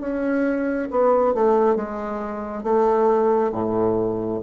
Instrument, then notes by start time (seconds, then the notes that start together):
bassoon
0.00 C#4
0.90 B3
1.34 A3
1.76 G#3
2.63 A3
3.52 A2